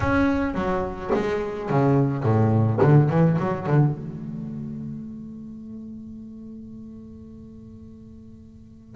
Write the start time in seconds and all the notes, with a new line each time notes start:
0.00 C#4
0.54 F#3
1.14 G#3
1.69 C#3
2.23 A2
2.81 D3
3.09 E3
3.38 F#3
3.66 D3
3.92 A3